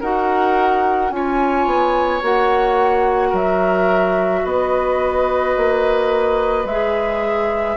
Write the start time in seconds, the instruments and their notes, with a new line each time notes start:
0.00 bassoon D#4, clarinet F#4, oboe A#4, flute F#5
1.11 bassoon C#4, clarinet F4, oboe C#5, flute G#5
1.66 bassoon B3
2.22 bassoon A#3, clarinet F#4, flute F#5
3.29 bassoon F#3, oboe A#4
3.35 flute E5
4.44 bassoon B3, oboe B4, flute D#5
5.57 bassoon A#3
6.64 bassoon G#3, flute E5
6.70 clarinet G#4